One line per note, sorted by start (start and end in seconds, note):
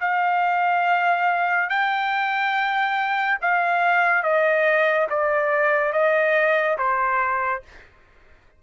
0.00 1.69 F5
1.69 3.38 G5
3.41 4.23 F5
4.23 5.07 D#5
5.09 5.92 D5
5.92 6.77 D#5
6.78 7.62 C5